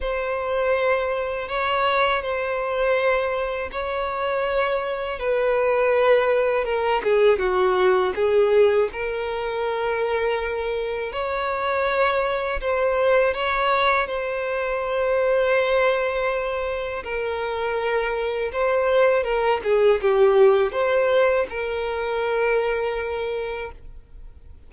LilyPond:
\new Staff \with { instrumentName = "violin" } { \time 4/4 \tempo 4 = 81 c''2 cis''4 c''4~ | c''4 cis''2 b'4~ | b'4 ais'8 gis'8 fis'4 gis'4 | ais'2. cis''4~ |
cis''4 c''4 cis''4 c''4~ | c''2. ais'4~ | ais'4 c''4 ais'8 gis'8 g'4 | c''4 ais'2. | }